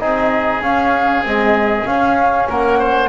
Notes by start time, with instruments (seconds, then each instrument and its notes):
0.00 double bass C4, trombone D#4, oboe G#4, flute D#5
0.61 double bass C#4, trombone C#4, flute F5
1.23 trombone G#3, double bass C4, flute D#5
1.86 trombone C#4, double bass C#4, flute F5
2.50 double bass A#3, oboe A#4, flute F#5
2.79 oboe C5